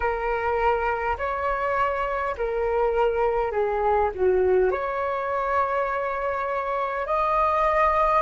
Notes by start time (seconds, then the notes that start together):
0.00 A#4
1.18 C#5
2.37 A#4
3.51 G#4
4.14 F#4
4.71 C#5
7.06 D#5